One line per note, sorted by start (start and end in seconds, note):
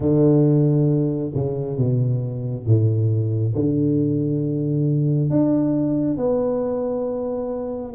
0.00 1.32 D3
1.34 1.77 C#3
1.77 2.66 B2
2.66 3.54 A2
3.55 5.29 D3
5.29 6.17 D4
6.17 7.93 B3